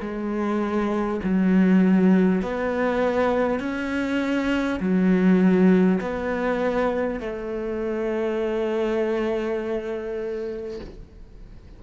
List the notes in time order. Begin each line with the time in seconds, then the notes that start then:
0.00 G#3
1.23 F#3
2.42 B3
3.59 C#4
4.79 F#3
6.01 B3
7.19 A3